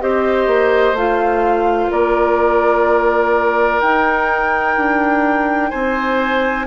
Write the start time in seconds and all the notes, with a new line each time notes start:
0.00 C4 G4 C5 D#5
0.46 A#3
0.92 A3 F4 F5
1.91 A#3 A#4 D5
3.81 D#4 G5
4.76 D4
5.70 C4 C5 G#5